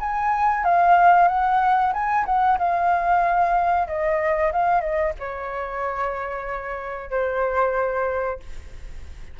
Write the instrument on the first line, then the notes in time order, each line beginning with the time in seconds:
flute
0.00 G#5
0.65 F5
1.28 F#5
1.93 G#5
2.26 F#5
2.58 F5
3.87 D#5
4.52 F5
4.81 D#5
5.19 C#5
7.11 C5